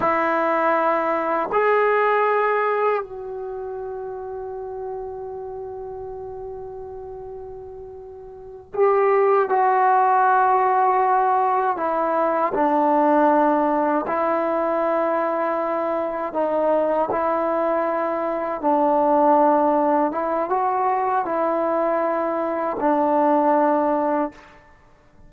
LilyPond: \new Staff \with { instrumentName = "trombone" } { \time 4/4 \tempo 4 = 79 e'2 gis'2 | fis'1~ | fis'2.~ fis'8 g'8~ | g'8 fis'2. e'8~ |
e'8 d'2 e'4.~ | e'4. dis'4 e'4.~ | e'8 d'2 e'8 fis'4 | e'2 d'2 | }